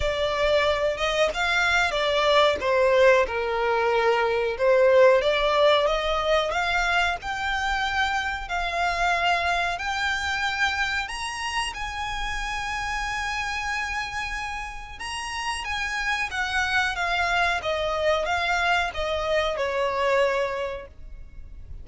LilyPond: \new Staff \with { instrumentName = "violin" } { \time 4/4 \tempo 4 = 92 d''4. dis''8 f''4 d''4 | c''4 ais'2 c''4 | d''4 dis''4 f''4 g''4~ | g''4 f''2 g''4~ |
g''4 ais''4 gis''2~ | gis''2. ais''4 | gis''4 fis''4 f''4 dis''4 | f''4 dis''4 cis''2 | }